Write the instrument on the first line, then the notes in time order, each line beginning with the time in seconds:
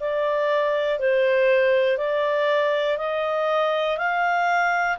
clarinet
0.00 D5
1.00 C5
1.98 D5
2.98 D#5
3.98 F5